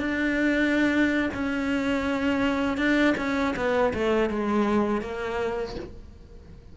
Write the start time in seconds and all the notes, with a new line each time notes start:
0.00 D4
1.34 C#4
2.78 D4
3.18 C#4
3.56 B3
3.94 A3
4.30 G#3
5.02 A#3